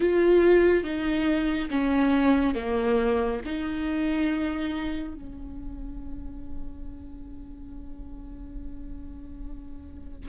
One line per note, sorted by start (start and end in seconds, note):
0.00 0.83 F4
0.83 1.69 D#4
1.69 2.54 C#4
2.54 3.40 A#3
3.45 5.14 D#4
5.14 10.28 C#4